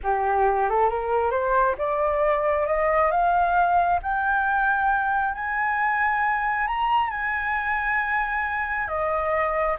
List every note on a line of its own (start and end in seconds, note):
0.03 0.69 G4
0.69 0.89 A4
0.89 1.31 A#4
1.31 1.75 C5
1.78 2.66 D5
2.66 3.11 D#5
3.11 4.00 F5
4.02 5.34 G5
5.34 6.67 G#5
6.67 7.10 A#5
7.10 8.87 G#5
8.87 9.76 D#5